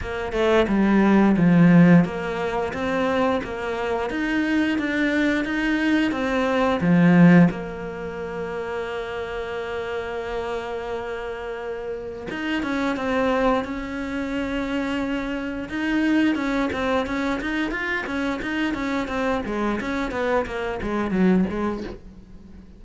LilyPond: \new Staff \with { instrumentName = "cello" } { \time 4/4 \tempo 4 = 88 ais8 a8 g4 f4 ais4 | c'4 ais4 dis'4 d'4 | dis'4 c'4 f4 ais4~ | ais1~ |
ais2 dis'8 cis'8 c'4 | cis'2. dis'4 | cis'8 c'8 cis'8 dis'8 f'8 cis'8 dis'8 cis'8 | c'8 gis8 cis'8 b8 ais8 gis8 fis8 gis8 | }